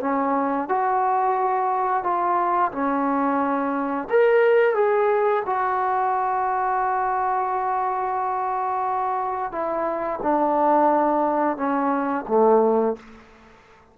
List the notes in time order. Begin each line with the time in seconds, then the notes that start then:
0.00 C#4
0.68 F#4
2.03 F4
2.71 C#4
4.09 A#4
4.74 G#4
5.45 F#4
9.51 E4
10.22 D4
11.57 C#4
12.28 A3